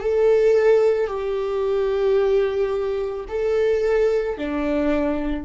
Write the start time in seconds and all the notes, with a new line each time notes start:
0.00 A4
1.07 G4
3.29 A4
4.37 D4